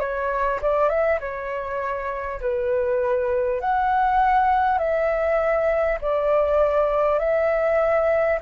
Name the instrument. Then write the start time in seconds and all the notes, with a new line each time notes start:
flute
0.00 C#5
0.62 D5
0.89 E5
1.21 C#5
2.41 B4
3.61 F#5
4.78 E5
6.02 D5
7.19 E5